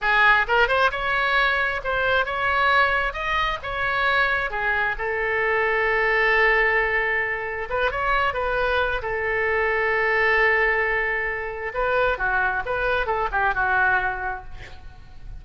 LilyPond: \new Staff \with { instrumentName = "oboe" } { \time 4/4 \tempo 4 = 133 gis'4 ais'8 c''8 cis''2 | c''4 cis''2 dis''4 | cis''2 gis'4 a'4~ | a'1~ |
a'4 b'8 cis''4 b'4. | a'1~ | a'2 b'4 fis'4 | b'4 a'8 g'8 fis'2 | }